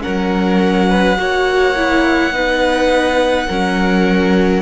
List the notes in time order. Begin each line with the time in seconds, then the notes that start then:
0.00 C#4 A#4 F#5
0.06 F#3
0.89 B4
1.17 A#3 F#4 C#5
1.76 E4
2.30 B3 D#4 B4
3.47 F#3 C#4 A#4